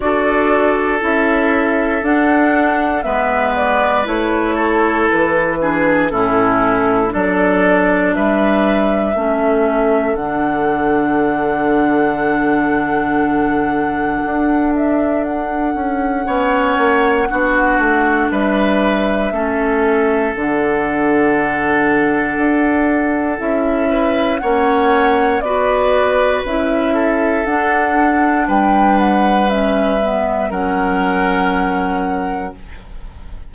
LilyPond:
<<
  \new Staff \with { instrumentName = "flute" } { \time 4/4 \tempo 4 = 59 d''4 e''4 fis''4 e''8 d''8 | cis''4 b'4 a'4 d''4 | e''2 fis''2~ | fis''2~ fis''8 e''8 fis''4~ |
fis''2 e''2 | fis''2. e''4 | fis''4 d''4 e''4 fis''4 | g''8 fis''8 e''4 fis''2 | }
  \new Staff \with { instrumentName = "oboe" } { \time 4/4 a'2. b'4~ | b'8 a'4 gis'8 e'4 a'4 | b'4 a'2.~ | a'1 |
cis''4 fis'4 b'4 a'4~ | a'2.~ a'8 b'8 | cis''4 b'4. a'4. | b'2 ais'2 | }
  \new Staff \with { instrumentName = "clarinet" } { \time 4/4 fis'4 e'4 d'4 b4 | e'4. d'8 cis'4 d'4~ | d'4 cis'4 d'2~ | d'1 |
cis'4 d'2 cis'4 | d'2. e'4 | cis'4 fis'4 e'4 d'4~ | d'4 cis'8 b8 cis'2 | }
  \new Staff \with { instrumentName = "bassoon" } { \time 4/4 d'4 cis'4 d'4 gis4 | a4 e4 a,4 fis4 | g4 a4 d2~ | d2 d'4. cis'8 |
b8 ais8 b8 a8 g4 a4 | d2 d'4 cis'4 | ais4 b4 cis'4 d'4 | g2 fis2 | }
>>